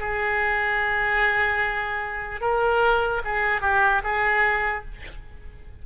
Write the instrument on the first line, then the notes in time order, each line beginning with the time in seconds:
oboe
0.00 G#4
2.41 A#4
3.25 G#4
3.62 G4
4.04 G#4